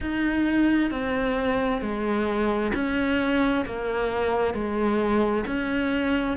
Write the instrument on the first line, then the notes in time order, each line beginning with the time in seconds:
cello
0.00 D#4
0.90 C4
1.81 G#3
2.74 C#4
3.65 A#3
4.54 G#3
5.46 C#4